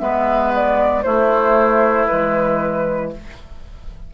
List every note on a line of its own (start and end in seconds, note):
0.00 1.05 G#3
0.00 1.03 B3
0.00 1.05 B4
0.00 0.53 E5
0.55 1.04 D5
1.04 2.08 A3
1.04 2.09 A3
1.04 3.12 E4
1.04 2.07 C5
2.07 3.14 E3
2.07 3.12 G#3
2.07 3.11 B4